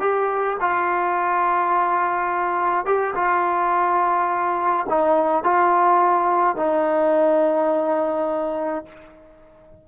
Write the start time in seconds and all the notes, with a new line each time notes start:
0.00 G4
0.61 F4
2.85 G4
3.15 F4
4.89 D#4
5.44 F4
6.57 D#4